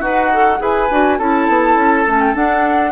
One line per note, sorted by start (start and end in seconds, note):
0.00 0.59 D#4
0.00 0.58 F#4
0.00 0.32 B4
0.00 0.61 F#5
0.33 0.58 A4
0.58 0.89 E4
0.58 0.87 G#4
0.58 1.18 B4
0.58 1.18 G#5
0.90 1.19 D4
0.90 1.19 F#4
1.18 1.48 C#4
1.18 2.07 E4
1.18 2.91 A4
1.18 2.20 A5
1.48 1.75 B3
1.75 2.04 C#4
2.07 2.35 A3
2.07 2.34 C#4
2.20 2.34 G5
2.34 2.91 D4
2.34 2.91 F#5